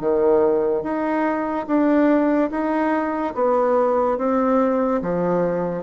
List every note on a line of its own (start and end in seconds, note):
0.00 0.83 D#3
0.83 1.66 D#4
1.67 2.50 D4
2.50 3.34 D#4
3.34 4.17 B3
4.17 5.01 C4
5.02 5.83 F3